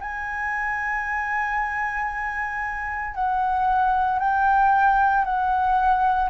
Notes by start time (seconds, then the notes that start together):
0.00 G#5
3.15 F#5
4.19 G5
5.24 F#5